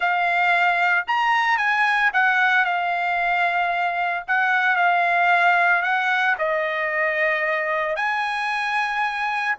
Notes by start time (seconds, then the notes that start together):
0.00 F5
1.07 A#5
1.57 G#5
2.13 F#5
2.64 F5
4.27 F#5
4.76 F5
5.82 F#5
6.38 D#5
7.96 G#5